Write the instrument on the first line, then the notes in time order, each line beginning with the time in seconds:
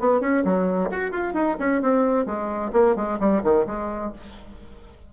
bassoon
0.00 B3
0.21 C#4
0.45 F#3
0.90 F#4
1.11 F4
1.34 D#4
1.59 C#4
1.82 C4
2.26 G#3
2.73 A#3
2.96 G#3
3.20 G3
3.43 D#3
3.67 G#3